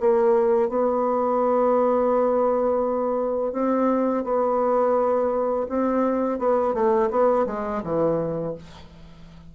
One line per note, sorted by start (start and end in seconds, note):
0.00 0.69 A#3
0.69 3.52 B3
3.52 4.24 C4
4.24 5.67 B3
5.69 6.39 C4
6.39 6.74 B3
6.74 7.09 A3
7.10 7.46 B3
7.46 7.82 G#3
7.83 8.55 E3